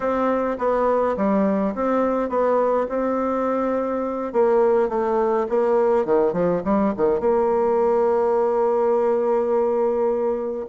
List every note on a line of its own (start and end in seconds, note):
0.00 0.57 C4
0.58 1.16 B3
1.16 1.74 G3
1.75 2.29 C4
2.29 2.86 B3
2.88 4.32 C4
4.32 4.89 A#3
4.89 5.46 A3
5.48 6.05 A#3
6.05 6.33 D#3
6.33 6.61 F3
6.64 6.93 G3
6.97 7.20 D#3
7.20 10.66 A#3